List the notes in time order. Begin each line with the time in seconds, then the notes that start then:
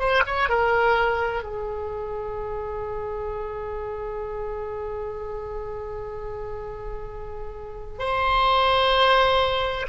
0.00 C5
0.26 C#5
0.49 A#4
1.43 G#4
7.99 C5